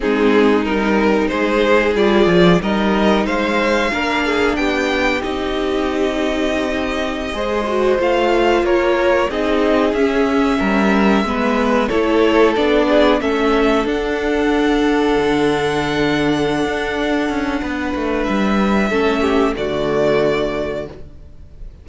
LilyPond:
<<
  \new Staff \with { instrumentName = "violin" } { \time 4/4 \tempo 4 = 92 gis'4 ais'4 c''4 d''4 | dis''4 f''2 g''4 | dis''1~ | dis''16 f''4 cis''4 dis''4 e''8.~ |
e''2~ e''16 cis''4 d''8.~ | d''16 e''4 fis''2~ fis''8.~ | fis''1 | e''2 d''2 | }
  \new Staff \with { instrumentName = "violin" } { \time 4/4 dis'2 gis'2 | ais'4 c''4 ais'8 gis'8 g'4~ | g'2.~ g'16 c''8.~ | c''4~ c''16 ais'4 gis'4.~ gis'16~ |
gis'16 ais'4 b'4 a'4. gis'16~ | gis'16 a'2.~ a'8.~ | a'2. b'4~ | b'4 a'8 g'8 fis'2 | }
  \new Staff \with { instrumentName = "viola" } { \time 4/4 c'4 dis'2 f'4 | dis'2 d'2 | dis'2.~ dis'16 gis'8 fis'16~ | fis'16 f'2 dis'4 cis'8.~ |
cis'4~ cis'16 b4 e'4 d'8.~ | d'16 cis'4 d'2~ d'8.~ | d'1~ | d'4 cis'4 a2 | }
  \new Staff \with { instrumentName = "cello" } { \time 4/4 gis4 g4 gis4 g8 f8 | g4 gis4 ais4 b4 | c'2.~ c'16 gis8.~ | gis16 a4 ais4 c'4 cis'8.~ |
cis'16 g4 gis4 a4 b8.~ | b16 a4 d'2 d8.~ | d4. d'4 cis'8 b8 a8 | g4 a4 d2 | }
>>